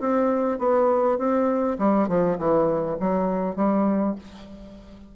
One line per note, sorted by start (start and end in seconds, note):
0.00 0.59 C4
0.59 1.18 B3
1.18 1.77 C4
1.79 2.08 G3
2.08 2.38 F3
2.38 2.98 E3
3.00 3.56 F#3
3.56 4.15 G3